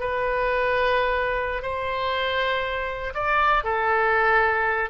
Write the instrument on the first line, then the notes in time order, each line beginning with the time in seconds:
oboe
0.00 B4
1.62 C5
3.14 D5
3.64 A4